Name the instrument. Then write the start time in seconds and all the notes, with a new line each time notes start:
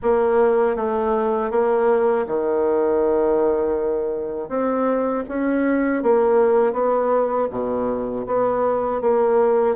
bassoon
0.02 A#3
0.75 A3
1.50 A#3
2.26 D#3
4.48 C4
5.28 C#4
6.02 A#3
6.72 B3
7.50 B2
8.26 B3
9.01 A#3